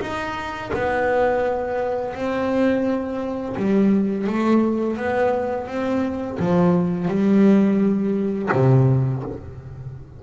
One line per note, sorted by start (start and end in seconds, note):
0.00 0.71 D#4
0.73 2.14 B3
2.15 3.56 C4
3.56 4.27 G3
4.27 4.96 A3
4.96 5.67 B3
5.67 6.38 C4
6.39 7.07 F3
7.07 8.49 G3
8.52 9.23 C3